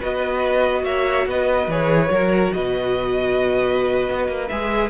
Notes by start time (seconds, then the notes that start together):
0.00 B3 F#4 B4 D#5
0.85 A#3 C#5 E5
1.27 B3 B4 D#5
1.68 E3 G#4 C#5
2.08 F#3 F#4 A#4
2.53 B2 B4 D#5
4.10 B3
4.28 A#3
4.48 G#3 G#4 E5